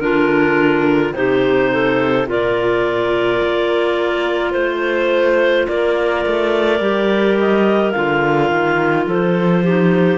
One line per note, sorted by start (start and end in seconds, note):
0.00 1.13 D3
0.00 1.12 D4
0.00 1.16 F4
0.00 1.14 A#4
1.12 2.28 C3
1.12 2.26 D#4
1.12 1.71 G4
1.12 2.28 C5
1.71 2.28 A4
2.26 3.41 A#2
2.26 6.79 F4
2.26 4.54 A#4
2.26 4.51 D5
3.42 4.54 A#3
4.51 5.67 A3
4.51 5.65 C5
4.51 5.67 C5
5.68 6.25 A#3
5.68 9.07 A#4
5.68 7.38 D5
6.26 6.80 A3
6.80 7.93 G3
6.80 7.94 G4
7.39 7.91 D#5
7.91 8.51 D3
7.91 9.64 F4
7.91 9.04 F5
8.51 9.07 D#3
9.07 10.18 F3
9.07 9.63 A4
9.07 10.18 C5
9.63 10.18 D#4
9.63 10.18 G4